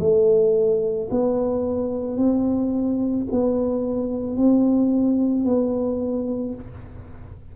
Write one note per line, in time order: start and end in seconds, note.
0.00 1.09 A3
1.11 2.17 B3
2.17 3.26 C4
3.32 4.37 B3
4.37 5.45 C4
5.45 6.55 B3